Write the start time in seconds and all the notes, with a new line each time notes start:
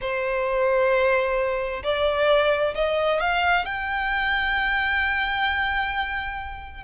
0.01 C5
1.83 D5
2.74 D#5
3.20 F5
3.65 G5